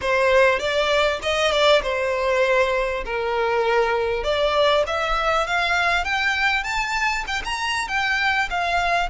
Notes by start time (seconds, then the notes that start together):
0.01 C5
0.59 D5
1.22 D#5
1.51 D5
1.83 C5
3.05 A#4
4.23 D5
4.86 E5
5.47 F5
6.04 G5
6.63 A5
7.27 G5
7.44 A#5
7.88 G5
8.50 F5